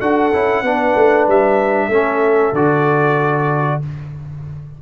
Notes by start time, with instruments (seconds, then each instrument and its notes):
0.00 tuba D4, trombone F#4, horn A4, trumpet F#5
0.32 tuba C#4, trombone E4
0.62 tuba B3, trombone D4, horn B4
0.95 tuba A3
1.27 tuba G3, trumpet E5
1.88 tuba A3, trombone C#4, horn A4
2.52 tuba D3, trombone F#4, trumpet D5